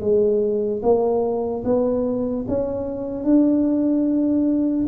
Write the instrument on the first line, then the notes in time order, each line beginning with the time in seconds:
tuba
0.00 G#3
0.82 A#3
1.64 B3
2.47 C#4
3.24 D4